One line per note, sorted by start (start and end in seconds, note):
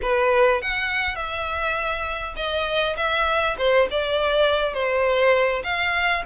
0.02 0.61 B4
0.61 1.15 F#5
1.15 2.34 E5
2.36 2.95 D#5
2.96 3.56 E5
3.58 3.87 C5
3.90 4.73 D5
4.73 5.62 C5
5.63 6.23 F5